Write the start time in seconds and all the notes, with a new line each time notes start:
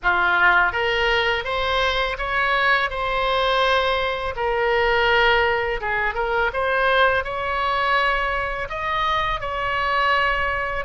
0.02 F4
0.72 A#4
1.44 C5
2.18 C#5
2.89 C5
4.35 A#4
5.81 G#4
6.14 A#4
6.53 C5
7.24 C#5
8.69 D#5
9.40 C#5